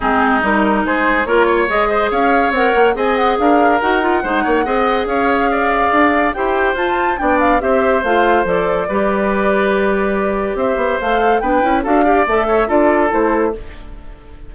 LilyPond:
<<
  \new Staff \with { instrumentName = "flute" } { \time 4/4 \tempo 4 = 142 gis'4 ais'4 c''4 cis''4 | dis''4 f''4 fis''4 gis''8 fis''8 | f''4 fis''2. | f''2. g''4 |
a''4 g''8 f''8 e''4 f''4 | d''1~ | d''4 e''4 f''4 g''4 | f''4 e''4 d''4 c''4 | }
  \new Staff \with { instrumentName = "oboe" } { \time 4/4 dis'2 gis'4 ais'8 cis''8~ | cis''8 c''8 cis''2 dis''4 | ais'2 c''8 cis''8 dis''4 | cis''4 d''2 c''4~ |
c''4 d''4 c''2~ | c''4 b'2.~ | b'4 c''2 b'4 | a'8 d''4 cis''8 a'2 | }
  \new Staff \with { instrumentName = "clarinet" } { \time 4/4 c'4 dis'2 f'4 | gis'2 ais'4 gis'4~ | gis'4 fis'8 f'8 dis'4 gis'4~ | gis'2. g'4 |
f'4 d'4 g'4 f'4 | a'4 g'2.~ | g'2 a'4 d'8 e'8 | fis'8 g'8 a'4 f'4 e'4 | }
  \new Staff \with { instrumentName = "bassoon" } { \time 4/4 gis4 g4 gis4 ais4 | gis4 cis'4 c'8 ais8 c'4 | d'4 dis'4 gis8 ais8 c'4 | cis'2 d'4 e'4 |
f'4 b4 c'4 a4 | f4 g2.~ | g4 c'8 b8 a4 b8 cis'8 | d'4 a4 d'4 a4 | }
>>